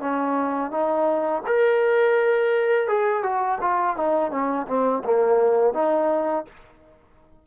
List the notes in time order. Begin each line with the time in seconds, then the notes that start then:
0.00 C#4
0.70 D#4
1.46 A#4
2.87 G#4
3.23 F#4
3.61 F4
3.96 D#4
4.31 C#4
4.67 C4
5.04 A#3
5.73 D#4